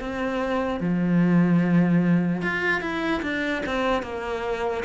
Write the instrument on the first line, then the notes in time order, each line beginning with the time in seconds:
cello
0.00 C4
0.80 F3
2.42 F4
2.81 E4
3.22 D4
3.66 C4
4.03 A#3